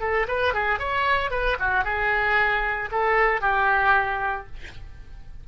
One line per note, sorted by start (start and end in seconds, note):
0.00 0.26 A4
0.28 0.54 B4
0.54 0.79 G#4
0.79 1.30 C#5
1.30 1.56 B4
1.59 1.84 F#4
1.84 2.89 G#4
2.91 3.41 A4
3.41 4.46 G4